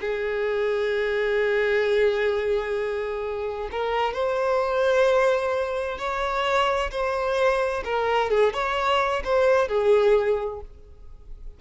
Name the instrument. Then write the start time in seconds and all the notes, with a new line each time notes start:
violin
0.00 G#4
3.72 A#4
4.13 C5
5.98 C#5
6.91 C5
7.85 A#4
8.30 G#4
8.53 C#5
9.24 C5
9.68 G#4